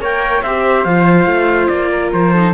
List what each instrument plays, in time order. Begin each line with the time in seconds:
0.00 cello A#3, viola A#4, flute C#5, trumpet G5
0.43 cello C4, viola G4, flute C5, trumpet E5
0.85 cello F3, viola F4, trumpet F5
1.27 cello A3
1.68 cello A#3, trumpet D5
1.91 flute A#4
2.13 cello F3, trumpet C5
2.34 viola D#4, flute A4